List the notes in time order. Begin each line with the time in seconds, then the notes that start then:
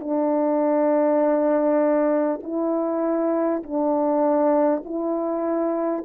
0.00 D4
2.43 E4
3.63 D4
4.85 E4